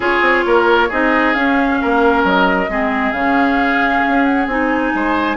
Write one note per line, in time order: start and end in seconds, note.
0.00 0.18 C#4
0.00 0.89 F4
0.00 0.44 G#4
0.00 0.91 C#5
0.21 0.43 C4
0.45 0.90 A#3
0.45 0.88 A#4
0.88 1.35 C4
0.88 1.34 D#4
0.88 1.78 G#4
0.88 1.34 D#5
1.34 2.68 C#4
1.34 1.79 C#4
1.34 2.23 F5
1.81 2.24 A#3
1.81 2.70 A#4
2.24 2.68 F#3
2.24 3.11 D#5
2.68 3.11 G#3
2.68 3.14 C4
2.68 4.94 G#4
3.11 4.01 C#3
3.11 4.48 C#4
3.11 4.23 F5
4.08 4.46 C#4
4.23 4.46 F#5
4.46 4.91 C4
4.46 5.36 D#4
4.46 5.36 G#5
4.94 5.36 G#3
4.94 5.36 C5